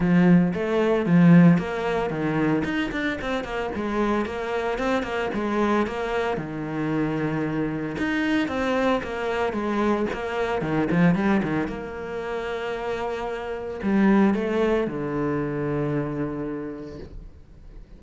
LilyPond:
\new Staff \with { instrumentName = "cello" } { \time 4/4 \tempo 4 = 113 f4 a4 f4 ais4 | dis4 dis'8 d'8 c'8 ais8 gis4 | ais4 c'8 ais8 gis4 ais4 | dis2. dis'4 |
c'4 ais4 gis4 ais4 | dis8 f8 g8 dis8 ais2~ | ais2 g4 a4 | d1 | }